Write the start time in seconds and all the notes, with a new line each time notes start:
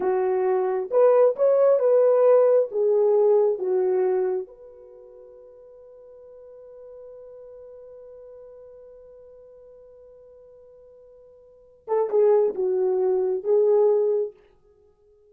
0.00 F#4
0.90 B4
1.36 C#5
1.79 B4
2.71 G#4
3.58 F#4
4.47 B4
11.87 A4
12.09 G#4
12.54 F#4
13.43 G#4